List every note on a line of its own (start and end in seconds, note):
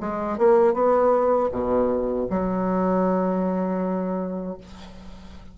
0.00 0.38 G#3
0.38 0.74 A#3
0.74 1.49 B3
1.51 2.27 B2
2.30 4.58 F#3